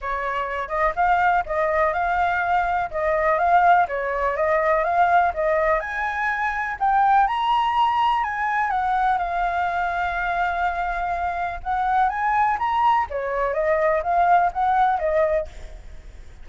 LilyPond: \new Staff \with { instrumentName = "flute" } { \time 4/4 \tempo 4 = 124 cis''4. dis''8 f''4 dis''4 | f''2 dis''4 f''4 | cis''4 dis''4 f''4 dis''4 | gis''2 g''4 ais''4~ |
ais''4 gis''4 fis''4 f''4~ | f''1 | fis''4 gis''4 ais''4 cis''4 | dis''4 f''4 fis''4 dis''4 | }